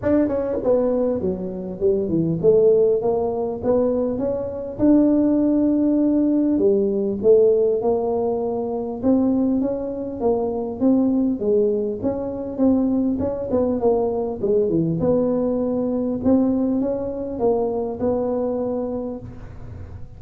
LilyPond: \new Staff \with { instrumentName = "tuba" } { \time 4/4 \tempo 4 = 100 d'8 cis'8 b4 fis4 g8 e8 | a4 ais4 b4 cis'4 | d'2. g4 | a4 ais2 c'4 |
cis'4 ais4 c'4 gis4 | cis'4 c'4 cis'8 b8 ais4 | gis8 e8 b2 c'4 | cis'4 ais4 b2 | }